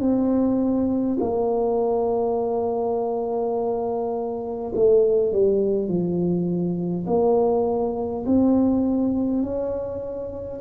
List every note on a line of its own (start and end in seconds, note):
0.00 1.18 C4
1.20 4.73 A#3
4.75 5.33 A3
5.33 5.88 G3
5.88 7.06 F3
7.07 8.25 A#3
8.26 9.43 C4
9.43 10.61 C#4